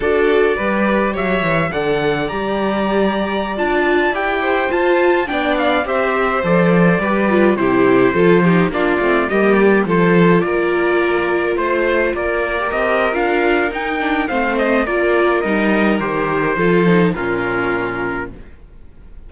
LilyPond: <<
  \new Staff \with { instrumentName = "trumpet" } { \time 4/4 \tempo 4 = 105 d''2 e''4 fis''4 | ais''2~ ais''16 a''4 g''8.~ | g''16 a''4 g''8 f''8 e''4 d''8.~ | d''4~ d''16 c''2 d''8.~ |
d''16 dis''8 d''8 c''4 d''4.~ d''16~ | d''16 c''4 d''4 dis''8. f''4 | g''4 f''8 dis''8 d''4 dis''4 | c''2 ais'2 | }
  \new Staff \with { instrumentName = "violin" } { \time 4/4 a'4 b'4 cis''4 d''4~ | d''2.~ d''8. c''16~ | c''4~ c''16 d''4 c''4.~ c''16~ | c''16 b'4 g'4 a'8 g'8 f'8.~ |
f'16 g'4 a'4 ais'4.~ ais'16~ | ais'16 c''4 ais'2~ ais'8.~ | ais'4 c''4 ais'2~ | ais'4 a'4 f'2 | }
  \new Staff \with { instrumentName = "viola" } { \time 4/4 fis'4 g'2 a'4 | g'2~ g'16 f'4 g'8.~ | g'16 f'4 d'4 g'4 a'8.~ | a'16 g'8 f'8 e'4 f'8 dis'8 d'8 c'16~ |
c'16 ais4 f'2~ f'8.~ | f'2 g'4 f'4 | dis'8 d'8 c'4 f'4 dis'4 | g'4 f'8 dis'8 cis'2 | }
  \new Staff \with { instrumentName = "cello" } { \time 4/4 d'4 g4 fis8 e8 d4 | g2~ g16 d'4 e'8.~ | e'16 f'4 b4 c'4 f8.~ | f16 g4 c4 f4 ais8 a16~ |
a16 g4 f4 ais4.~ ais16~ | ais16 a4 ais4 c'8. d'4 | dis'4 a4 ais4 g4 | dis4 f4 ais,2 | }
>>